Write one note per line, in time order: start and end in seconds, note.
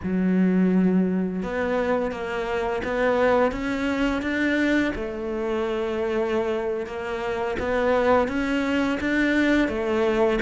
0.03 1.42 F#3
1.42 2.11 B3
2.11 2.82 A#3
2.84 3.51 B3
3.51 4.22 C#4
4.22 4.92 D4
4.95 6.86 A3
6.86 7.57 A#3
7.59 8.28 B3
8.28 8.98 C#4
9.00 9.68 D4
9.68 10.39 A3